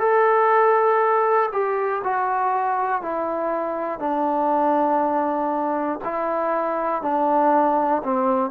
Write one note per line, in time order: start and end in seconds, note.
0.00 1.50 A4
1.52 2.02 G4
2.05 3.02 F#4
3.02 4.00 E4
4.00 6.00 D4
6.05 7.03 E4
7.03 8.03 D4
8.04 8.51 C4